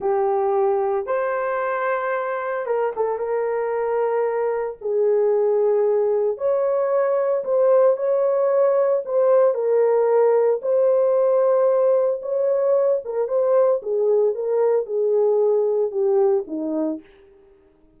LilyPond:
\new Staff \with { instrumentName = "horn" } { \time 4/4 \tempo 4 = 113 g'2 c''2~ | c''4 ais'8 a'8 ais'2~ | ais'4 gis'2. | cis''2 c''4 cis''4~ |
cis''4 c''4 ais'2 | c''2. cis''4~ | cis''8 ais'8 c''4 gis'4 ais'4 | gis'2 g'4 dis'4 | }